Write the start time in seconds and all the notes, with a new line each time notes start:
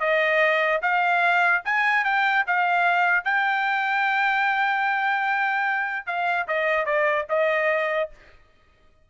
0.00 D#5
0.82 F5
1.65 G#5
2.04 G5
2.47 F5
3.25 G5
6.06 F5
6.48 D#5
6.85 D5
7.29 D#5